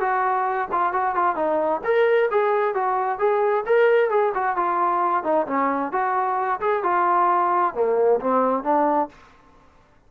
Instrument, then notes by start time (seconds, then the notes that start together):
trombone
0.00 F#4
0.71 F4
0.93 F#4
1.15 F4
1.36 D#4
1.84 A#4
2.31 G#4
2.74 F#4
3.19 G#4
3.66 A#4
4.10 G#4
4.34 F#4
4.56 F4
5.23 D#4
5.46 C#4
5.92 F#4
6.60 G#4
6.83 F4
7.74 A#3
8.20 C4
8.63 D4